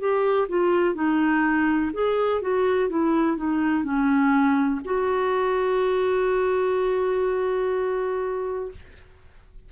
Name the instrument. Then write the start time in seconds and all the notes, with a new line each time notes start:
clarinet
0.00 G4
0.49 F4
0.95 D#4
1.93 G#4
2.42 F#4
2.90 E4
3.37 D#4
3.84 C#4
4.85 F#4